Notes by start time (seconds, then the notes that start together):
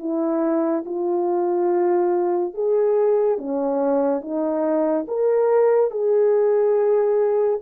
0.00 E4
0.86 F4
2.54 G#4
3.38 C#4
4.22 D#4
5.08 A#4
5.91 G#4